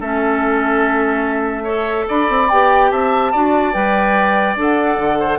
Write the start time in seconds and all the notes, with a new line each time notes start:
0.00 A3 C#4 A4 E5
1.63 A4 C#5
2.08 D4 D5 B5
2.29 C4
2.49 B3 G4 G5
2.91 C4 E5 A5
3.32 D4 F#4 D5
3.73 G3 B4 G5
4.56 D4 A4 F#5
4.97 D3
5.19 C5